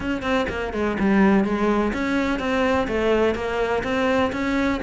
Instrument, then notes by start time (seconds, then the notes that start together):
cello
0.00 C#4
0.22 C4
0.49 A#3
0.73 G#3
0.99 G3
1.44 G#3
1.93 C#4
2.39 C4
2.87 A3
3.34 A#3
3.83 C4
4.32 C#4